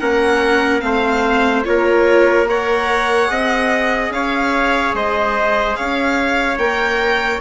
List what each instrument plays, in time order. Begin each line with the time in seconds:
0.00 bassoon A#3, viola C#4, trumpet A#4, violin F#5
0.81 bassoon A3, viola C4, trumpet C5, violin F5
1.65 bassoon A#3, viola F4, trumpet A#4, violin C#5
2.47 viola A#4, trumpet C#5, violin F#5
3.27 bassoon C4, viola G#4, trumpet D#5
4.10 bassoon C#4, trumpet C#5, violin F5
4.94 bassoon G#3, trumpet C5, violin D#5
5.76 bassoon C#4, trumpet C#5, violin F5
6.58 bassoon A#3, viola A#4, violin G5